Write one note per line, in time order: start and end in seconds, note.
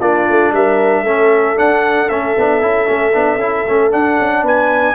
0.00 0.26 A#3
0.00 1.05 D4
0.00 0.52 F4
0.00 0.52 D5
0.29 0.52 A3
0.52 1.02 G3
0.52 1.03 A#4
0.52 1.58 E5
1.02 1.54 A3
1.02 1.56 C#4
1.02 4.42 A4
1.56 2.08 D4
1.56 2.09 F#5
2.08 2.34 A3
2.08 2.36 C#4
2.08 3.91 E5
2.37 2.61 B3
2.37 2.61 D4
2.61 2.87 C#4
2.61 2.86 E4
2.86 3.14 A3
2.86 3.12 C#4
3.13 3.36 B3
3.13 3.39 D4
3.36 3.62 C#4
3.36 3.65 E4
3.67 3.93 A3
3.67 3.91 C#4
3.91 4.95 D4
3.91 4.19 D4
3.91 4.44 F#5
4.19 4.42 C#4
4.42 4.94 B3
4.42 4.94 B4
4.42 4.95 G#5